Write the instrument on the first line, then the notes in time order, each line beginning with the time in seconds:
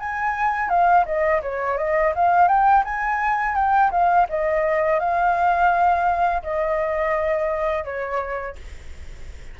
flute
0.00 G#5
0.69 F5
1.06 D#5
1.42 C#5
1.78 D#5
2.16 F5
2.48 G5
2.85 G#5
3.56 G5
3.92 F5
4.30 D#5
5.00 F5
6.43 D#5
7.85 C#5